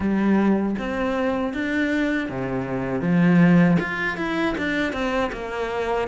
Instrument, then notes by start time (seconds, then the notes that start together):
cello
0.00 G3
0.78 C4
1.53 D4
2.29 C3
3.01 F3
3.79 F4
4.17 E4
4.57 D4
4.92 C4
5.32 A#3